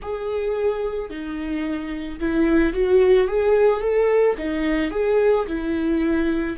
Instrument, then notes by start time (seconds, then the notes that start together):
viola
0.01 G#4
1.10 D#4
2.19 E4
2.73 F#4
3.27 G#4
3.80 A4
4.37 D#4
4.90 G#4
5.47 E4